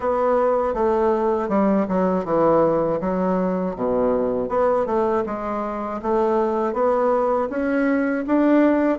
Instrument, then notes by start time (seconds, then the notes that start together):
bassoon
0.00 B3
0.74 A3
1.49 G3
1.88 F#3
2.25 E3
3.00 F#3
3.75 B2
4.48 B3
4.86 A3
5.25 G#3
6.02 A3
6.73 B3
7.49 C#4
8.26 D4